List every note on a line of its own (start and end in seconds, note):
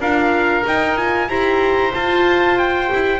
0.00 0.64 D4
0.00 0.65 F4
0.00 1.28 A#4
0.00 0.65 F5
0.65 0.97 D#4
0.65 1.28 D#4
0.65 0.97 G5
0.97 1.29 F4
0.97 1.29 G#5
1.28 1.92 E4
1.28 1.93 G4
1.28 3.20 C5
1.28 1.93 A#5
1.94 2.87 F4
1.94 2.91 F4
1.94 2.58 A5
2.58 3.20 G5
2.87 3.20 E4
2.87 3.19 G4